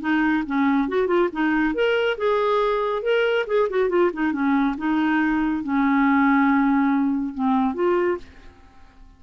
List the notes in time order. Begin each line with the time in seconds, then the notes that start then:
0.00 D#4
0.46 C#4
0.88 F#4
1.07 F4
1.32 D#4
1.74 A#4
2.17 G#4
3.02 A#4
3.46 G#4
3.69 F#4
3.89 F4
4.13 D#4
4.32 C#4
4.77 D#4
5.63 C#4
7.34 C4
7.74 F4